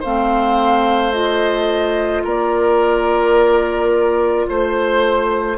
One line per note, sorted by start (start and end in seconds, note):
0.00 2.25 A3
0.00 1.12 C4
0.00 2.22 C5
0.00 1.12 F5
1.12 5.56 F4
1.12 2.23 D#5
2.24 4.47 A#3
2.24 4.46 A#4
2.24 4.49 D5
4.48 5.58 A3
4.48 5.58 C5